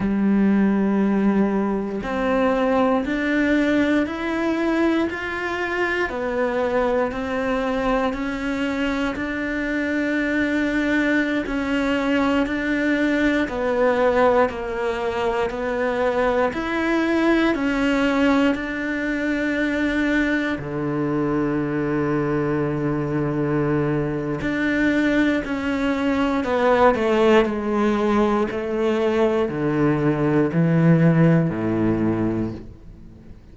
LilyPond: \new Staff \with { instrumentName = "cello" } { \time 4/4 \tempo 4 = 59 g2 c'4 d'4 | e'4 f'4 b4 c'4 | cis'4 d'2~ d'16 cis'8.~ | cis'16 d'4 b4 ais4 b8.~ |
b16 e'4 cis'4 d'4.~ d'16~ | d'16 d2.~ d8. | d'4 cis'4 b8 a8 gis4 | a4 d4 e4 a,4 | }